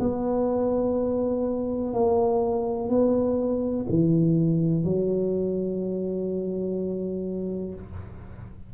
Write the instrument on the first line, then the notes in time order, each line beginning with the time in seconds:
tuba
0.00 B3
1.94 A#3
2.89 B3
3.89 E3
4.84 F#3